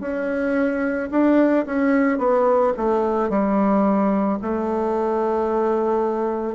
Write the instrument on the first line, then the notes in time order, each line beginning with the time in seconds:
bassoon
0.00 C#4
1.11 D4
1.66 C#4
2.18 B3
2.77 A3
3.30 G3
4.42 A3